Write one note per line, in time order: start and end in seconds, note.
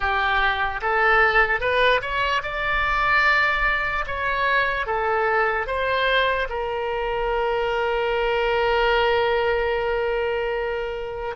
0.00 0.80 G4
0.81 1.60 A4
1.60 2.00 B4
2.01 2.41 C#5
2.43 4.05 D5
4.06 4.86 C#5
4.86 5.66 A4
5.66 6.48 C5
6.49 11.35 A#4